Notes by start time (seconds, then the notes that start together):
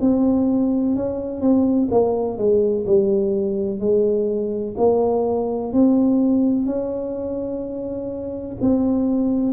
0.00 C4
0.95 C#4
1.41 C4
1.90 A#3
2.38 G#3
2.86 G3
3.79 G#3
4.77 A#3
5.72 C4
6.66 C#4
8.61 C4